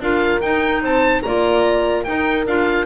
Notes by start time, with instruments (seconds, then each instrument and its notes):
0.00 double bass D4, clarinet F4, horn A#4, oboe F5
0.40 double bass D#4, clarinet D#4, oboe G5
0.82 double bass C4, horn C5, oboe A5
1.22 double bass A#3, clarinet F4, horn D5, oboe A#5
2.03 clarinet D#4, double bass D#4, horn A#4, oboe G5
2.46 double bass D4, clarinet F4, oboe F5